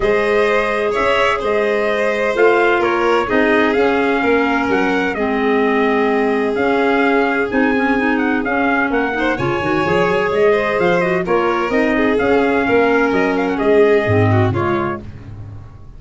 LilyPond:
<<
  \new Staff \with { instrumentName = "trumpet" } { \time 4/4 \tempo 4 = 128 dis''2 e''4 dis''4~ | dis''4 f''4 cis''4 dis''4 | f''2 fis''4 dis''4~ | dis''2 f''2 |
gis''4. fis''8 f''4 fis''4 | gis''2 dis''4 f''8 dis''8 | cis''4 dis''4 f''2 | dis''8 f''16 fis''16 dis''2 cis''4 | }
  \new Staff \with { instrumentName = "violin" } { \time 4/4 c''2 cis''4 c''4~ | c''2 ais'4 gis'4~ | gis'4 ais'2 gis'4~ | gis'1~ |
gis'2. ais'8 c''8 | cis''2~ cis''8 c''4. | ais'4. gis'4. ais'4~ | ais'4 gis'4. fis'8 f'4 | }
  \new Staff \with { instrumentName = "clarinet" } { \time 4/4 gis'1~ | gis'4 f'2 dis'4 | cis'2. c'4~ | c'2 cis'2 |
dis'8 cis'8 dis'4 cis'4. dis'8 | f'8 fis'8 gis'2~ gis'8 fis'8 | f'4 dis'4 cis'2~ | cis'2 c'4 gis4 | }
  \new Staff \with { instrumentName = "tuba" } { \time 4/4 gis2 cis'4 gis4~ | gis4 a4 ais4 c'4 | cis'4 ais4 fis4 gis4~ | gis2 cis'2 |
c'2 cis'4 ais4 | cis8 dis8 f8 fis8 gis4 f4 | ais4 c'4 cis'4 ais4 | fis4 gis4 gis,4 cis4 | }
>>